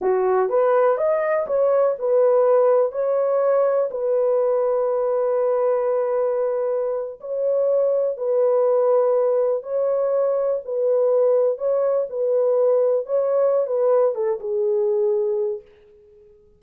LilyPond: \new Staff \with { instrumentName = "horn" } { \time 4/4 \tempo 4 = 123 fis'4 b'4 dis''4 cis''4 | b'2 cis''2 | b'1~ | b'2~ b'8. cis''4~ cis''16~ |
cis''8. b'2. cis''16~ | cis''4.~ cis''16 b'2 cis''16~ | cis''8. b'2 cis''4~ cis''16 | b'4 a'8 gis'2~ gis'8 | }